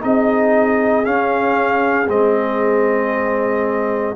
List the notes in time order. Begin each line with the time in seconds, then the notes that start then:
0.00 C4 D#4 G#4 D#5
1.04 C#4 F5
2.08 G#3 C4 D#5